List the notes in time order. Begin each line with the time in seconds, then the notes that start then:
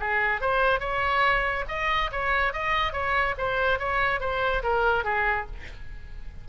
0.00 G#4
0.41 C5
0.80 C#5
1.69 D#5
2.12 C#5
2.53 D#5
2.93 C#5
3.38 C5
3.79 C#5
4.21 C5
4.63 A#4
5.04 G#4